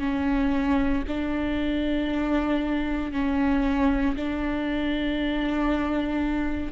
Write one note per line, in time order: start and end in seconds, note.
0.00 1.03 C#4
1.08 3.13 D4
3.13 4.16 C#4
4.16 6.72 D4